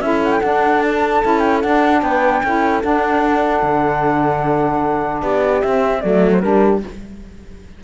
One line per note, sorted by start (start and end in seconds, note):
0.00 0.40 C#4
0.00 0.41 E4
0.00 2.03 A4
0.00 0.21 E5
0.23 0.31 F#5
0.31 0.40 G5
0.40 1.22 D4
0.40 1.23 D4
0.40 0.80 F#5
0.80 1.38 A5
1.22 1.63 C#4
1.22 1.62 E4
1.38 1.58 G5
1.61 2.02 D4
1.61 2.44 D4
1.61 2.01 F#5
2.01 2.42 B3
2.01 2.43 B4
2.01 2.81 G5
2.43 2.83 C#4
2.43 2.82 E4
2.43 5.21 A4
2.82 5.62 D4
2.82 3.62 D4
2.82 5.21 F#5
3.62 5.22 D3
5.21 5.62 B3
5.21 6.01 G4
5.21 5.61 D5
5.62 6.02 C4
5.62 6.03 C4
5.62 6.00 E5
6.00 6.43 F#3
6.00 6.42 A3
6.00 6.42 A4
6.00 6.30 D5
6.32 6.40 C5
6.40 6.83 G3
6.40 6.82 D4
6.40 6.83 G4
6.40 6.80 A#4